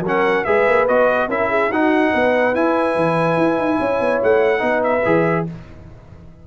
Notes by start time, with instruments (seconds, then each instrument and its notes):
0.00 tuba F#3, trombone C#4, horn A#4
0.07 trumpet F#5
0.44 tuba G#3, trombone G#4, horn B4, trumpet E5
0.67 tuba A#3
0.88 tuba B3, trombone F#4, trumpet D#5
1.28 tuba C#4, trombone E4, horn A#4, trumpet E5
1.49 horn G#4
1.69 tuba D#4, trombone D#4, horn F#4, trumpet F#5
2.12 tuba B3, horn B4
2.55 tuba E4, trombone E4, trumpet G#5
2.96 tuba E3
3.37 tuba E4
3.58 tuba D#4
3.79 tuba C#4, horn C#5
4.00 tuba B3
4.23 tuba A3, trumpet F#5
4.58 tuba B3, trombone D#4, horn B4
4.83 trumpet E5
5.05 tuba E3, trombone G#4